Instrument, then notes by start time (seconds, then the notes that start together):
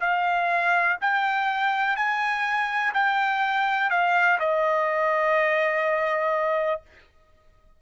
trumpet
0.00 F5
1.01 G5
1.96 G#5
2.93 G5
3.90 F5
4.39 D#5